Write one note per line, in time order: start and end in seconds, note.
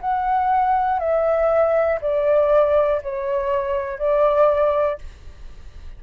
0.00 0.99 F#5
0.99 1.99 E5
2.01 3.01 D5
3.02 3.98 C#5
3.98 4.98 D5